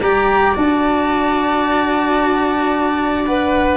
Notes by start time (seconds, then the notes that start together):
0.00 G3 G4 D5 A#5
0.55 D4 F#4 A5
3.25 B4 F#5